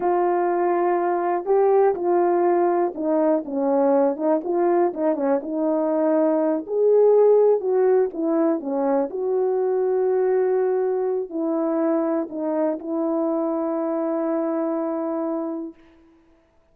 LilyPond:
\new Staff \with { instrumentName = "horn" } { \time 4/4 \tempo 4 = 122 f'2. g'4 | f'2 dis'4 cis'4~ | cis'8 dis'8 f'4 dis'8 cis'8 dis'4~ | dis'4. gis'2 fis'8~ |
fis'8 e'4 cis'4 fis'4.~ | fis'2. e'4~ | e'4 dis'4 e'2~ | e'1 | }